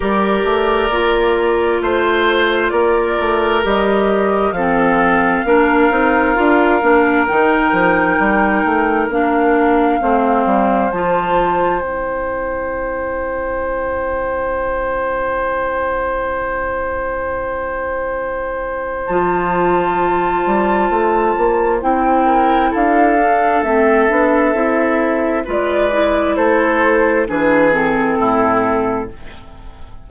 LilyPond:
<<
  \new Staff \with { instrumentName = "flute" } { \time 4/4 \tempo 4 = 66 d''2 c''4 d''4 | dis''4 f''2. | g''2 f''2 | a''4 g''2.~ |
g''1~ | g''4 a''2. | g''4 f''4 e''2 | d''4 c''4 b'8 a'4. | }
  \new Staff \with { instrumentName = "oboe" } { \time 4/4 ais'2 c''4 ais'4~ | ais'4 a'4 ais'2~ | ais'2. c''4~ | c''1~ |
c''1~ | c''1~ | c''8 ais'8 a'2. | b'4 a'4 gis'4 e'4 | }
  \new Staff \with { instrumentName = "clarinet" } { \time 4/4 g'4 f'2. | g'4 c'4 d'8 dis'8 f'8 d'8 | dis'2 d'4 c'4 | f'4 e'2.~ |
e'1~ | e'4 f'2. | e'4. d'8 c'8 d'8 e'4 | f'8 e'4. d'8 c'4. | }
  \new Staff \with { instrumentName = "bassoon" } { \time 4/4 g8 a8 ais4 a4 ais8 a8 | g4 f4 ais8 c'8 d'8 ais8 | dis8 f8 g8 a8 ais4 a8 g8 | f4 c'2.~ |
c'1~ | c'4 f4. g8 a8 ais8 | c'4 d'4 a8 b8 c'4 | gis4 a4 e4 a,4 | }
>>